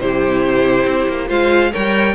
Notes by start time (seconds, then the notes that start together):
0.00 C3 E4 G4 C5
0.85 C4
1.08 A#3
1.28 G#3 F4 C5 F5
1.72 G3 A#4 C#5 G5